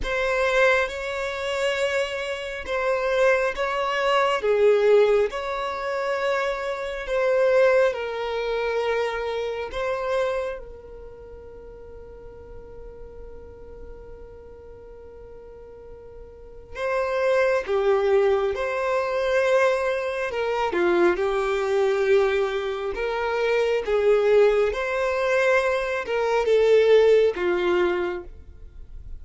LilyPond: \new Staff \with { instrumentName = "violin" } { \time 4/4 \tempo 4 = 68 c''4 cis''2 c''4 | cis''4 gis'4 cis''2 | c''4 ais'2 c''4 | ais'1~ |
ais'2. c''4 | g'4 c''2 ais'8 f'8 | g'2 ais'4 gis'4 | c''4. ais'8 a'4 f'4 | }